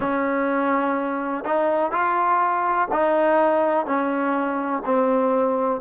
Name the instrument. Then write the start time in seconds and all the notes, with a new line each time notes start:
trombone
0.00 C#4
1.44 D#4
1.91 F4
2.91 D#4
3.86 C#4
4.85 C4